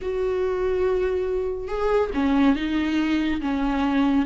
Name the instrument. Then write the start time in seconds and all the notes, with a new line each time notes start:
viola
0.01 F#4
1.68 G#4
2.14 C#4
2.55 D#4
3.41 C#4